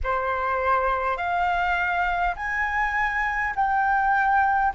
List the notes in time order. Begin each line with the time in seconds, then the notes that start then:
0.03 C5
1.17 F5
2.36 G#5
3.55 G5